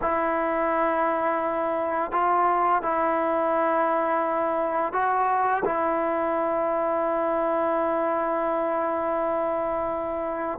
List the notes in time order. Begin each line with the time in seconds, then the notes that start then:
0.01 E4
2.11 F4
2.82 E4
4.92 F#4
5.64 E4